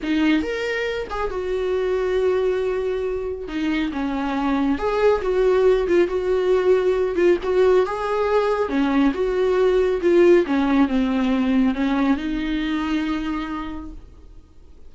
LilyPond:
\new Staff \with { instrumentName = "viola" } { \time 4/4 \tempo 4 = 138 dis'4 ais'4. gis'8 fis'4~ | fis'1 | dis'4 cis'2 gis'4 | fis'4. f'8 fis'2~ |
fis'8 f'8 fis'4 gis'2 | cis'4 fis'2 f'4 | cis'4 c'2 cis'4 | dis'1 | }